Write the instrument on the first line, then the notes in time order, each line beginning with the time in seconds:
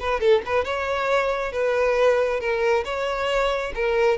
violin
0.00 B4
0.20 A4
0.46 B4
0.65 C#5
1.52 B4
2.40 A#4
2.85 C#5
3.75 A#4